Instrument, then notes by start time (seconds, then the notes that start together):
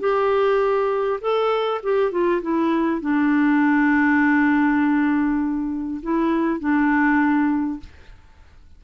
clarinet
0.00 G4
1.21 A4
1.83 G4
2.12 F4
2.42 E4
3.01 D4
6.03 E4
6.60 D4